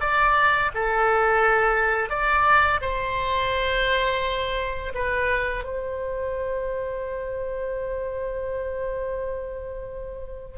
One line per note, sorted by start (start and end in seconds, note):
0.00 0.71 D5
0.74 2.10 A4
2.10 2.80 D5
2.81 4.93 C5
4.94 5.64 B4
5.64 10.58 C5